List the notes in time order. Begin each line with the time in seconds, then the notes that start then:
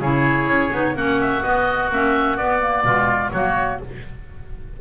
0.00 C#3 E4 G#4 C#5
0.46 C#4
0.71 B3 D#4
0.95 A#3 C#4 F#4 F#5
1.20 E5
1.42 B3 D#5
1.91 A#3 C#4 E5
2.37 B3 D5
2.60 A#3
2.83 B2 G#3 F4
3.31 F#3 A#3 F#4 C#5